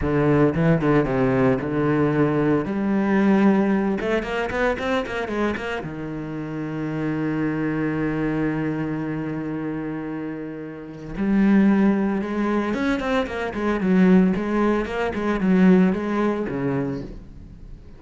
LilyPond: \new Staff \with { instrumentName = "cello" } { \time 4/4 \tempo 4 = 113 d4 e8 d8 c4 d4~ | d4 g2~ g8 a8 | ais8 b8 c'8 ais8 gis8 ais8 dis4~ | dis1~ |
dis1~ | dis4 g2 gis4 | cis'8 c'8 ais8 gis8 fis4 gis4 | ais8 gis8 fis4 gis4 cis4 | }